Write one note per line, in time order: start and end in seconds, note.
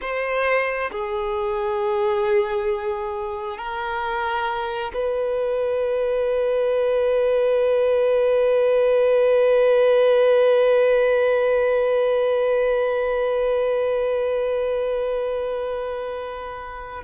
0.01 0.90 C5
0.91 3.57 G#4
3.57 4.92 A#4
4.94 17.03 B4